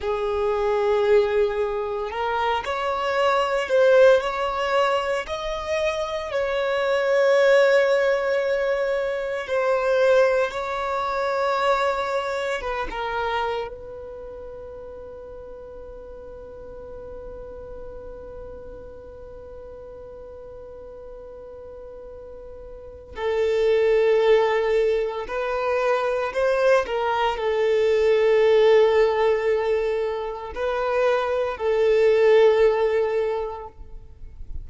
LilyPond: \new Staff \with { instrumentName = "violin" } { \time 4/4 \tempo 4 = 57 gis'2 ais'8 cis''4 c''8 | cis''4 dis''4 cis''2~ | cis''4 c''4 cis''2 | b'16 ais'8. b'2.~ |
b'1~ | b'2 a'2 | b'4 c''8 ais'8 a'2~ | a'4 b'4 a'2 | }